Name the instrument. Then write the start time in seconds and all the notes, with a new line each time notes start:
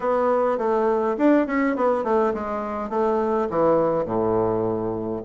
bassoon
0.00 B3
0.58 A3
1.17 D4
1.46 C#4
1.76 B3
2.04 A3
2.34 G#3
2.89 A3
3.50 E3
4.05 A2